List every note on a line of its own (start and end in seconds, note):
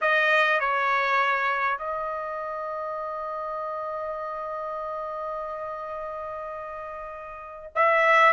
0.01 0.60 D#5
0.60 1.78 C#5
1.78 7.72 D#5
7.75 8.32 E5